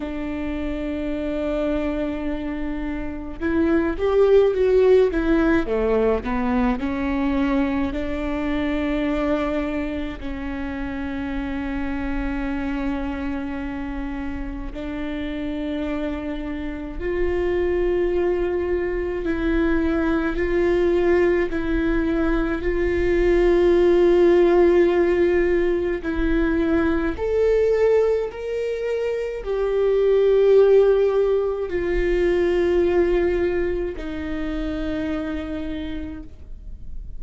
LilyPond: \new Staff \with { instrumentName = "viola" } { \time 4/4 \tempo 4 = 53 d'2. e'8 g'8 | fis'8 e'8 a8 b8 cis'4 d'4~ | d'4 cis'2.~ | cis'4 d'2 f'4~ |
f'4 e'4 f'4 e'4 | f'2. e'4 | a'4 ais'4 g'2 | f'2 dis'2 | }